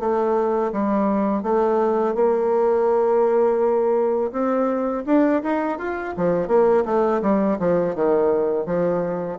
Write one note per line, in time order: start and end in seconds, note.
0.00 0.72 A3
0.73 1.43 G3
1.43 2.15 A3
2.15 4.32 A#3
4.32 5.04 C4
5.06 5.42 D4
5.43 5.79 D#4
5.79 6.15 F4
6.17 6.48 F3
6.48 6.84 A#3
6.86 7.22 A3
7.22 7.58 G3
7.59 7.96 F3
7.96 8.66 D#3
8.66 9.39 F3